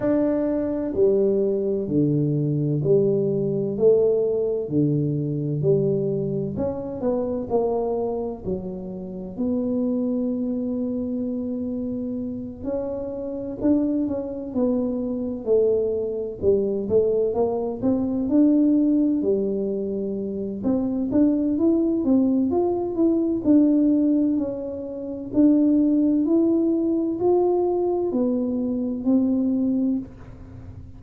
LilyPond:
\new Staff \with { instrumentName = "tuba" } { \time 4/4 \tempo 4 = 64 d'4 g4 d4 g4 | a4 d4 g4 cis'8 b8 | ais4 fis4 b2~ | b4. cis'4 d'8 cis'8 b8~ |
b8 a4 g8 a8 ais8 c'8 d'8~ | d'8 g4. c'8 d'8 e'8 c'8 | f'8 e'8 d'4 cis'4 d'4 | e'4 f'4 b4 c'4 | }